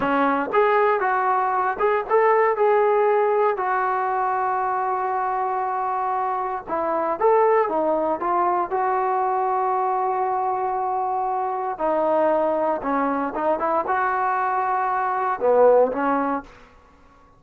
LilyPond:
\new Staff \with { instrumentName = "trombone" } { \time 4/4 \tempo 4 = 117 cis'4 gis'4 fis'4. gis'8 | a'4 gis'2 fis'4~ | fis'1~ | fis'4 e'4 a'4 dis'4 |
f'4 fis'2.~ | fis'2. dis'4~ | dis'4 cis'4 dis'8 e'8 fis'4~ | fis'2 b4 cis'4 | }